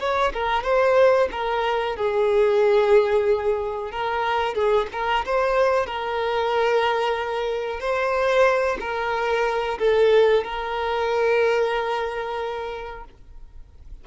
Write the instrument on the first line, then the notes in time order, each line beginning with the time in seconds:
violin
0.00 C#5
0.33 A#4
0.63 C5
1.31 A#4
1.96 G#4
3.92 A#4
4.54 G#4
4.92 A#4
5.25 C5
5.86 A#4
7.80 C5
8.80 A#4
9.79 A4
10.44 A#4